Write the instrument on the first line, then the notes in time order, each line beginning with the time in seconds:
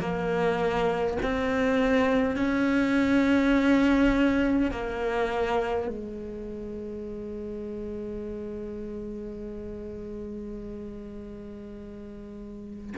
cello
0.00 A#3
1.22 C4
2.36 C#4
4.72 A#3
5.88 G#3